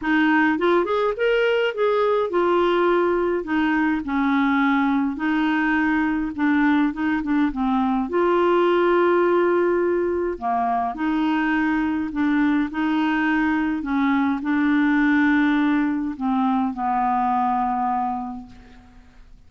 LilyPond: \new Staff \with { instrumentName = "clarinet" } { \time 4/4 \tempo 4 = 104 dis'4 f'8 gis'8 ais'4 gis'4 | f'2 dis'4 cis'4~ | cis'4 dis'2 d'4 | dis'8 d'8 c'4 f'2~ |
f'2 ais4 dis'4~ | dis'4 d'4 dis'2 | cis'4 d'2. | c'4 b2. | }